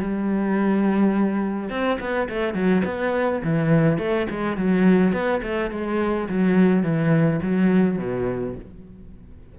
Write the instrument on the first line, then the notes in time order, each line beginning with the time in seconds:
cello
0.00 G3
1.70 C4
2.00 B3
2.29 A3
2.54 F#3
2.85 B3
3.44 E3
3.98 A3
4.30 G#3
4.57 F#3
5.13 B3
5.43 A3
5.71 G#3
6.29 F#3
6.83 E3
7.42 F#3
7.98 B2